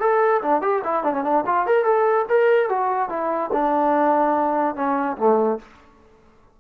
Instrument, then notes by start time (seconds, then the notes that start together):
trombone
0.00 A4
0.42 D4
0.62 G4
0.84 E4
1.04 D4
1.13 C#4
1.24 D4
1.46 F4
1.66 A#4
1.85 A4
2.29 A#4
2.69 F#4
3.09 E4
3.53 D4
4.75 C#4
5.17 A3